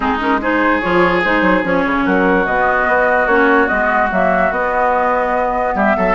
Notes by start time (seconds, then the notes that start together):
0.00 G#3 C4 D#4 G#4
0.19 C#4 A#4
0.41 D#4 G#4 C5
0.81 F3 F4 C#5
1.23 G#3 D#4 C5
1.41 F#3
1.63 F3 C#4 C#5
1.85 C#3
2.04 F#3 F#4 A#4
2.45 B2 B3 D#5
2.87 B3
3.26 A#3 C#4 C#5
3.68 G#3 B3 D#5
4.11 F#3 A#3 E5
4.50 B3 D#5
5.74 G3 G4 E5
5.96 F#3 A4